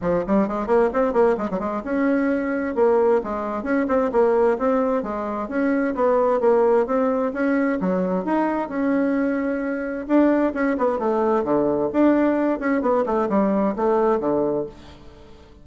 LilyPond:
\new Staff \with { instrumentName = "bassoon" } { \time 4/4 \tempo 4 = 131 f8 g8 gis8 ais8 c'8 ais8 gis16 fis16 gis8 | cis'2 ais4 gis4 | cis'8 c'8 ais4 c'4 gis4 | cis'4 b4 ais4 c'4 |
cis'4 fis4 dis'4 cis'4~ | cis'2 d'4 cis'8 b8 | a4 d4 d'4. cis'8 | b8 a8 g4 a4 d4 | }